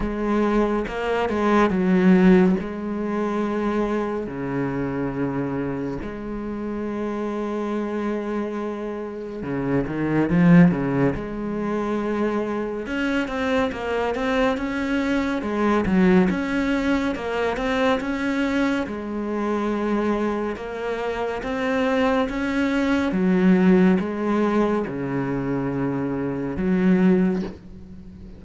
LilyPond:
\new Staff \with { instrumentName = "cello" } { \time 4/4 \tempo 4 = 70 gis4 ais8 gis8 fis4 gis4~ | gis4 cis2 gis4~ | gis2. cis8 dis8 | f8 cis8 gis2 cis'8 c'8 |
ais8 c'8 cis'4 gis8 fis8 cis'4 | ais8 c'8 cis'4 gis2 | ais4 c'4 cis'4 fis4 | gis4 cis2 fis4 | }